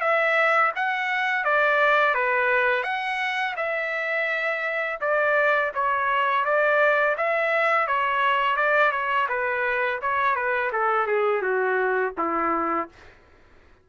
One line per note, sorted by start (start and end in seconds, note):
0.00 0.71 E5
0.75 1.44 F#5
1.44 2.14 D5
2.14 2.83 B4
2.83 3.54 F#5
3.56 4.99 E5
5.00 5.72 D5
5.74 6.44 C#5
6.44 7.16 D5
7.17 7.87 E5
7.87 8.56 C#5
8.56 8.91 D5
8.91 9.27 C#5
9.29 10.00 B4
10.01 10.35 C#5
10.35 10.71 B4
10.72 11.06 A4
11.06 11.42 G#4
11.42 12.13 F#4
12.17 12.89 E4